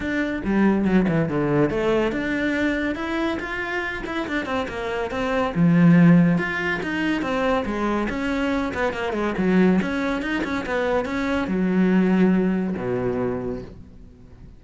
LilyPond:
\new Staff \with { instrumentName = "cello" } { \time 4/4 \tempo 4 = 141 d'4 g4 fis8 e8 d4 | a4 d'2 e'4 | f'4. e'8 d'8 c'8 ais4 | c'4 f2 f'4 |
dis'4 c'4 gis4 cis'4~ | cis'8 b8 ais8 gis8 fis4 cis'4 | dis'8 cis'8 b4 cis'4 fis4~ | fis2 b,2 | }